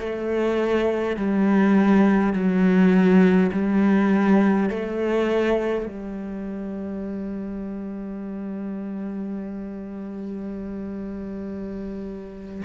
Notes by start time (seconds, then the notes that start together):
0.00 A3
1.17 G3
2.34 F#3
3.52 G3
4.70 A3
5.86 G3